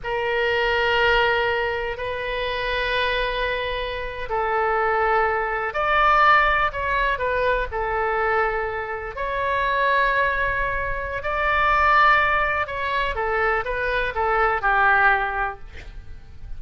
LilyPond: \new Staff \with { instrumentName = "oboe" } { \time 4/4 \tempo 4 = 123 ais'1 | b'1~ | b'8. a'2. d''16~ | d''4.~ d''16 cis''4 b'4 a'16~ |
a'2~ a'8. cis''4~ cis''16~ | cis''2. d''4~ | d''2 cis''4 a'4 | b'4 a'4 g'2 | }